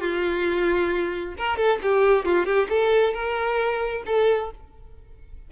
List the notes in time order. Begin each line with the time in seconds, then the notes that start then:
0.00 F4
1.37 A#4
1.56 A4
1.82 G4
2.25 F4
2.45 G4
2.69 A4
3.13 A#4
4.06 A4